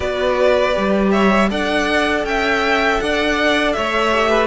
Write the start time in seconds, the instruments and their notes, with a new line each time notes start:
0.00 cello B3, viola F#4, violin B4 D5
0.72 cello G3, viola G4
1.11 violin C#5 E5
1.50 cello D4, viola A4, violin D5 F#5
2.24 cello C#4, violin E5 G5
3.00 cello D4, violin D5 F#5
3.72 cello A3, violin C#5 E5
4.12 viola G4
4.29 violin B4